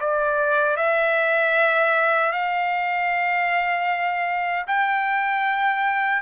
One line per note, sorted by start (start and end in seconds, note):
0.00 0.77 D5
0.77 2.32 E5
2.32 4.66 F5
4.67 6.22 G5